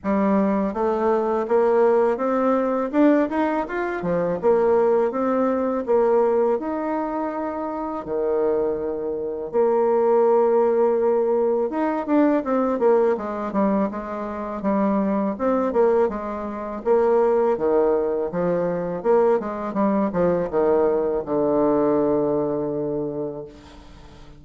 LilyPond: \new Staff \with { instrumentName = "bassoon" } { \time 4/4 \tempo 4 = 82 g4 a4 ais4 c'4 | d'8 dis'8 f'8 f8 ais4 c'4 | ais4 dis'2 dis4~ | dis4 ais2. |
dis'8 d'8 c'8 ais8 gis8 g8 gis4 | g4 c'8 ais8 gis4 ais4 | dis4 f4 ais8 gis8 g8 f8 | dis4 d2. | }